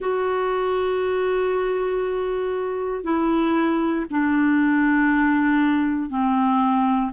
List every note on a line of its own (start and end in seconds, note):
0.00 3.03 F#4
3.03 4.05 E4
4.10 6.09 D4
6.09 7.11 C4